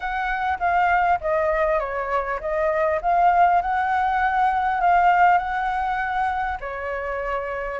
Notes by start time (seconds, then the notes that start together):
0.00 F#5
0.59 F5
1.20 D#5
1.79 C#5
2.40 D#5
3.01 F5
3.61 F#5
4.80 F5
5.38 F#5
6.60 C#5